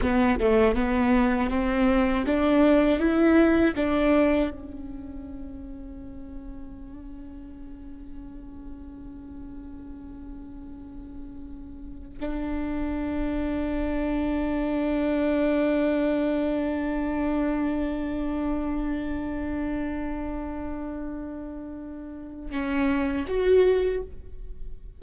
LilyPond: \new Staff \with { instrumentName = "viola" } { \time 4/4 \tempo 4 = 80 b8 a8 b4 c'4 d'4 | e'4 d'4 cis'2~ | cis'1~ | cis'1~ |
cis'16 d'2.~ d'8.~ | d'1~ | d'1~ | d'2 cis'4 fis'4 | }